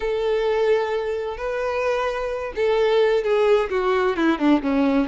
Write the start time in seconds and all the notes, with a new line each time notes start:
0.00 A4
1.37 B4
2.55 A4
3.23 G#4
3.70 F#4
4.16 E4
4.38 D4
4.62 C#4